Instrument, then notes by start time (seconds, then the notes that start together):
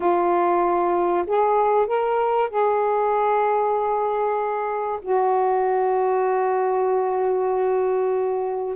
saxophone
0.00 F4
1.27 G#4
1.87 A#4
2.49 G#4
5.01 F#4